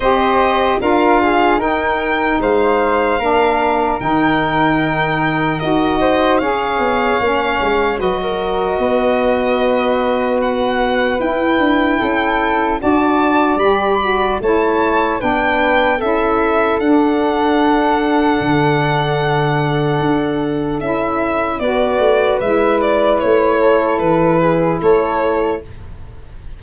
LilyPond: <<
  \new Staff \with { instrumentName = "violin" } { \time 4/4 \tempo 4 = 75 dis''4 f''4 g''4 f''4~ | f''4 g''2 dis''4 | f''2 dis''2~ | dis''4 fis''4 g''2 |
a''4 b''4 a''4 g''4 | e''4 fis''2.~ | fis''2 e''4 d''4 | e''8 d''8 cis''4 b'4 cis''4 | }
  \new Staff \with { instrumentName = "flute" } { \time 4/4 c''4 ais'8 gis'8 ais'4 c''4 | ais'2.~ ais'8 c''8 | cis''2 b'16 ais'8. b'4~ | b'2. a'4 |
d''2 cis''4 b'4 | a'1~ | a'2. b'4~ | b'4. a'4 gis'8 a'4 | }
  \new Staff \with { instrumentName = "saxophone" } { \time 4/4 g'4 f'4 dis'2 | d'4 dis'2 fis'4 | gis'4 cis'4 fis'2~ | fis'2 e'2 |
fis'4 g'8 fis'8 e'4 d'4 | e'4 d'2.~ | d'2 e'4 fis'4 | e'1 | }
  \new Staff \with { instrumentName = "tuba" } { \time 4/4 c'4 d'4 dis'4 gis4 | ais4 dis2 dis'4 | cis'8 b8 ais8 gis8 fis4 b4~ | b2 e'8 d'8 cis'4 |
d'4 g4 a4 b4 | cis'4 d'2 d4~ | d4 d'4 cis'4 b8 a8 | gis4 a4 e4 a4 | }
>>